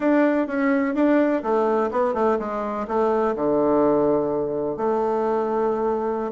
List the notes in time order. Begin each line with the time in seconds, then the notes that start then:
0.00 D4
0.47 C#4
0.94 D4
1.43 A3
1.91 B3
2.14 A3
2.39 G#3
2.87 A3
3.35 D3
4.76 A3